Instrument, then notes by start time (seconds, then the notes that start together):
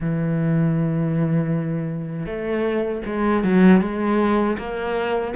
cello
0.00 E3
2.26 A3
3.05 G#3
3.43 F#3
3.81 G#3
4.58 A#3